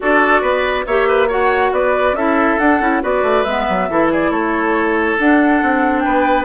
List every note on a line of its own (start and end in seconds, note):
0.00 0.42 D4
0.00 0.85 F#4
0.00 0.41 A4
0.00 0.86 D5
0.41 0.85 B3
0.41 0.84 B4
0.86 1.71 A#3
0.86 1.28 G4
0.86 1.07 C#5
0.86 1.29 E5
1.07 1.28 B4
1.28 2.15 F#4
1.28 1.71 C#5
1.28 1.73 F#5
1.71 2.12 B3
1.71 2.16 B4
1.71 2.15 D5
2.12 2.55 C#4
2.12 2.59 E4
2.12 3.02 A4
2.12 2.58 E5
2.58 2.80 D4
2.58 2.81 D4
2.58 3.01 F#5
2.80 3.01 C#4
2.80 3.01 E4
3.01 3.22 B3
3.01 3.45 F#4
3.01 3.89 B4
3.01 3.44 D5
3.22 3.44 A3
3.44 3.66 G#3
3.44 3.90 B3
3.44 4.09 E5
3.68 3.89 F#3
3.89 4.30 E3
3.89 5.19 E4
3.89 4.11 A4
4.11 4.31 G#4
4.11 4.31 D5
4.30 5.16 A3
4.30 6.03 A4
4.30 5.17 C#5
5.19 6.45 D4
5.19 5.62 D4
5.19 6.00 F#5
5.62 6.05 C4
6.00 6.45 B4
6.00 6.43 G5
6.06 6.45 B3